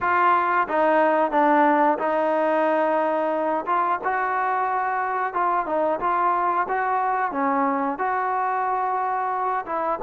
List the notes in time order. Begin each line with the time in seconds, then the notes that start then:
0.00 F4
0.68 D#4
1.31 D4
1.98 D#4
3.65 F4
4.03 F#4
5.33 F4
5.66 D#4
6.00 F4
6.68 F#4
7.31 C#4
7.98 F#4
9.65 E4